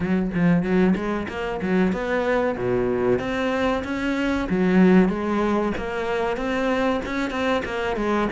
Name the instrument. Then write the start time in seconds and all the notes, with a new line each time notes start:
cello
0.00 F#3
0.34 F3
0.62 F#3
0.95 G#3
1.28 A#3
1.61 F#3
1.92 B3
2.57 B2
3.19 C4
3.84 C#4
4.49 F#3
5.08 G#3
5.77 A#3
6.37 C4
7.05 C#4
7.30 C4
7.65 A#3
7.96 G#3